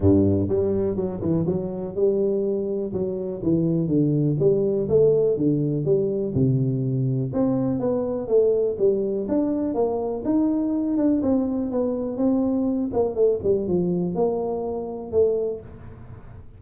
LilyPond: \new Staff \with { instrumentName = "tuba" } { \time 4/4 \tempo 4 = 123 g,4 g4 fis8 e8 fis4 | g2 fis4 e4 | d4 g4 a4 d4 | g4 c2 c'4 |
b4 a4 g4 d'4 | ais4 dis'4. d'8 c'4 | b4 c'4. ais8 a8 g8 | f4 ais2 a4 | }